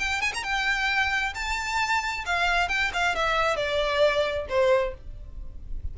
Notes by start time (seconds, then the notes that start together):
0.00 G5
0.22 G#5
0.34 A#5
0.44 G5
1.35 A5
2.26 F5
2.69 G5
2.94 F5
3.16 E5
3.57 D5
4.49 C5